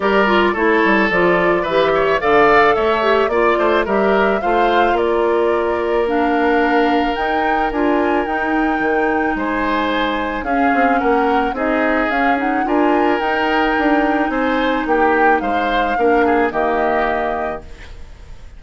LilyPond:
<<
  \new Staff \with { instrumentName = "flute" } { \time 4/4 \tempo 4 = 109 d''4 cis''4 d''4 e''4 | f''4 e''4 d''4 e''4 | f''4 d''2 f''4~ | f''4 g''4 gis''4 g''4~ |
g''4 gis''2 f''4 | fis''4 dis''4 f''8 fis''8 gis''4 | g''2 gis''4 g''4 | f''2 dis''2 | }
  \new Staff \with { instrumentName = "oboe" } { \time 4/4 ais'4 a'2 b'8 cis''8 | d''4 cis''4 d''8 c''8 ais'4 | c''4 ais'2.~ | ais'1~ |
ais'4 c''2 gis'4 | ais'4 gis'2 ais'4~ | ais'2 c''4 g'4 | c''4 ais'8 gis'8 g'2 | }
  \new Staff \with { instrumentName = "clarinet" } { \time 4/4 g'8 f'8 e'4 f'4 g'4 | a'4. g'8 f'4 g'4 | f'2. d'4~ | d'4 dis'4 f'4 dis'4~ |
dis'2. cis'4~ | cis'4 dis'4 cis'8 dis'8 f'4 | dis'1~ | dis'4 d'4 ais2 | }
  \new Staff \with { instrumentName = "bassoon" } { \time 4/4 g4 a8 g8 f4 e4 | d4 a4 ais8 a8 g4 | a4 ais2.~ | ais4 dis'4 d'4 dis'4 |
dis4 gis2 cis'8 c'8 | ais4 c'4 cis'4 d'4 | dis'4 d'4 c'4 ais4 | gis4 ais4 dis2 | }
>>